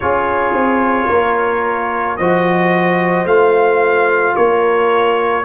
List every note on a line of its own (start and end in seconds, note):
0.00 0.53 C#4
0.00 2.19 F4
0.00 1.08 G#4
0.00 2.17 C#5
0.53 1.07 C4
1.08 2.18 A#3
1.08 2.17 A#4
2.17 3.25 F3
2.17 3.27 F#4
2.17 4.36 C5
2.17 3.26 D#5
3.25 4.34 A3
3.25 5.44 F4
3.25 4.35 F5
4.35 5.44 A#3
4.35 5.44 A#4
4.35 5.44 C#5